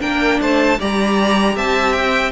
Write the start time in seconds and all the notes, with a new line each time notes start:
0.00 A#3 D4 A#4 G5
0.40 A3 C5 A5
0.79 G3 G4 D5 A#5
1.56 C4 E5 A5
1.92 G5